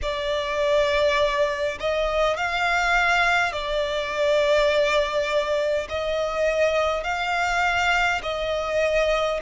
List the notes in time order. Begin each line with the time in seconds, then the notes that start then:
0.02 D5
1.80 D#5
2.36 F5
3.52 D5
5.89 D#5
7.03 F5
8.22 D#5